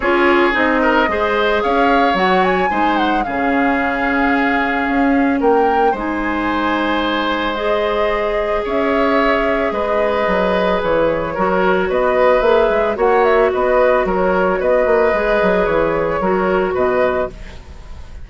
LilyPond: <<
  \new Staff \with { instrumentName = "flute" } { \time 4/4 \tempo 4 = 111 cis''4 dis''2 f''4 | fis''8 gis''4 fis''8 f''2~ | f''2 g''4 gis''4~ | gis''2 dis''2 |
e''2 dis''2 | cis''2 dis''4 e''4 | fis''8 e''8 dis''4 cis''4 dis''4~ | dis''4 cis''2 dis''4 | }
  \new Staff \with { instrumentName = "oboe" } { \time 4/4 gis'4. ais'8 c''4 cis''4~ | cis''4 c''4 gis'2~ | gis'2 ais'4 c''4~ | c''1 |
cis''2 b'2~ | b'4 ais'4 b'2 | cis''4 b'4 ais'4 b'4~ | b'2 ais'4 b'4 | }
  \new Staff \with { instrumentName = "clarinet" } { \time 4/4 f'4 dis'4 gis'2 | fis'4 dis'4 cis'2~ | cis'2. dis'4~ | dis'2 gis'2~ |
gis'1~ | gis'4 fis'2 gis'4 | fis'1 | gis'2 fis'2 | }
  \new Staff \with { instrumentName = "bassoon" } { \time 4/4 cis'4 c'4 gis4 cis'4 | fis4 gis4 cis2~ | cis4 cis'4 ais4 gis4~ | gis1 |
cis'2 gis4 fis4 | e4 fis4 b4 ais8 gis8 | ais4 b4 fis4 b8 ais8 | gis8 fis8 e4 fis4 b,4 | }
>>